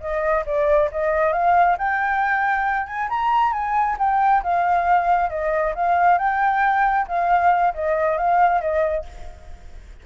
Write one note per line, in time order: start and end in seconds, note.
0.00 0.44 D#5
0.46 0.90 D5
0.91 1.33 D#5
1.33 1.77 F5
1.78 2.86 G5
2.86 3.08 G#5
3.09 3.52 A#5
3.52 3.96 G#5
3.98 4.43 G5
4.43 5.30 F5
5.30 5.74 D#5
5.75 6.18 F5
6.18 7.06 G5
7.08 7.74 F5
7.74 8.17 D#5
8.17 8.61 F5
8.61 9.05 D#5